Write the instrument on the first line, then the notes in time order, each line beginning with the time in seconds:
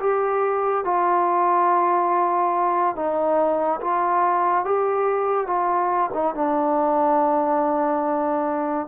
trombone
0.00 G4
0.84 F4
2.95 D#4
3.81 F4
4.65 G4
5.47 F4
6.13 D#4
6.35 D4